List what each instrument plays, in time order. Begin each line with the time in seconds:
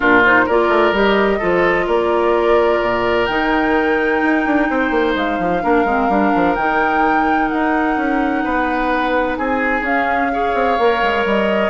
0.00 bassoon A#2, clarinet D4, oboe F4, flute A#4
0.25 clarinet D#4, flute C5
0.45 bassoon A#3, clarinet F4, oboe A#4, flute D5
0.69 bassoon A3
0.92 bassoon G3, clarinet G4, flute D#5
1.38 bassoon F3, clarinet F4, oboe A4
1.86 bassoon A#3, oboe A#4, flute D5
2.81 bassoon A#2
3.25 bassoon D#3, clarinet D#4, flute G5
4.22 bassoon D#4
4.45 bassoon D4
4.69 bassoon C4, oboe C5
4.91 bassoon A#3
5.15 bassoon G#3, flute F5
5.38 bassoon F3
5.62 bassoon A#3, clarinet D4, oboe A#4
5.85 bassoon G#3, clarinet C4
6.08 bassoon G3, clarinet D4
6.35 bassoon F3
6.55 bassoon D#3, clarinet D#4, flute G5
7.48 bassoon D#4, flute F#5
7.96 bassoon C#4
8.44 bassoon B3, oboe B4
9.37 bassoon C4, oboe G#4, flute G#5
9.81 bassoon C#4, clarinet C#4, flute F5
10.31 clarinet G#4, oboe C#5
10.54 bassoon C4
10.78 bassoon A#3, clarinet A#4
11.02 bassoon G#3
11.25 bassoon G3, flute D#5